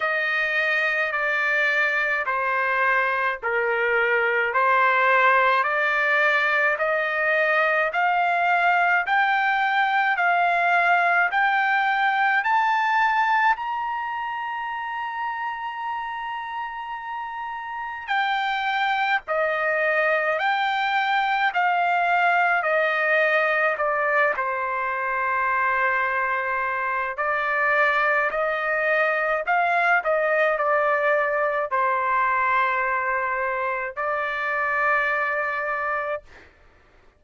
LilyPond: \new Staff \with { instrumentName = "trumpet" } { \time 4/4 \tempo 4 = 53 dis''4 d''4 c''4 ais'4 | c''4 d''4 dis''4 f''4 | g''4 f''4 g''4 a''4 | ais''1 |
g''4 dis''4 g''4 f''4 | dis''4 d''8 c''2~ c''8 | d''4 dis''4 f''8 dis''8 d''4 | c''2 d''2 | }